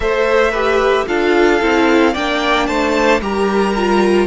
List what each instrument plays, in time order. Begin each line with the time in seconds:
0.00 cello A3, viola A4, violin C5 E5
0.51 viola G4, violin B4
1.06 cello D4, viola F4, violin A4 F5
1.60 cello C4, viola E4
2.12 cello A#3, viola D4, violin D5 G5
2.67 cello A3, violin C5 A5
3.21 cello G3, viola G4, violin A#4 A#5
3.76 viola F4